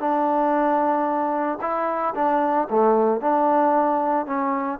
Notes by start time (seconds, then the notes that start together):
0.00 D4
1.61 E4
2.15 D4
2.71 A3
3.21 D4
4.26 C#4